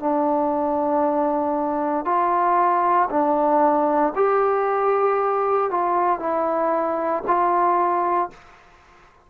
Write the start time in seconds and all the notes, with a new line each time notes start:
0.00 D4
2.05 F4
3.09 D4
4.15 G4
5.70 F4
6.19 E4
7.26 F4